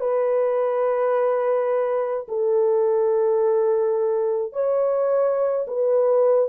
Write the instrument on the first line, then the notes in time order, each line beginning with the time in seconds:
horn
0.00 B4
2.28 A4
4.53 C#5
5.67 B4